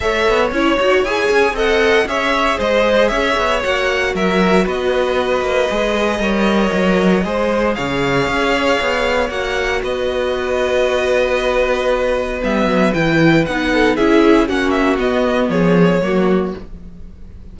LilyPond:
<<
  \new Staff \with { instrumentName = "violin" } { \time 4/4 \tempo 4 = 116 e''4 cis''4 gis''4 fis''4 | e''4 dis''4 e''4 fis''4 | e''4 dis''2.~ | dis''2. f''4~ |
f''2 fis''4 dis''4~ | dis''1 | e''4 g''4 fis''4 e''4 | fis''8 e''8 dis''4 cis''2 | }
  \new Staff \with { instrumentName = "violin" } { \time 4/4 cis''2. dis''4 | cis''4 c''4 cis''2 | ais'4 b'2. | cis''2 c''4 cis''4~ |
cis''2. b'4~ | b'1~ | b'2~ b'8 a'8 gis'4 | fis'2 gis'4 fis'4 | }
  \new Staff \with { instrumentName = "viola" } { \time 4/4 a'4 e'8 fis'8 gis'4 a'4 | gis'2. fis'4~ | fis'2. gis'4 | ais'2 gis'2~ |
gis'2 fis'2~ | fis'1 | b4 e'4 dis'4 e'4 | cis'4 b2 ais4 | }
  \new Staff \with { instrumentName = "cello" } { \time 4/4 a8 b8 cis'8 dis'8 e'8 cis'8 c'4 | cis'4 gis4 cis'8 b8 ais4 | fis4 b4. ais8 gis4 | g4 fis4 gis4 cis4 |
cis'4 b4 ais4 b4~ | b1 | g8 fis8 e4 b4 cis'4 | ais4 b4 f4 fis4 | }
>>